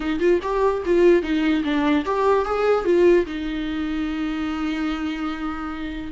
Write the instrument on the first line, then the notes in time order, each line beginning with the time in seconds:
viola
0.00 D#4
0.19 F4
0.42 G4
0.85 F4
1.22 D#4
1.64 D4
2.05 G4
2.45 G#4
2.85 F4
3.26 D#4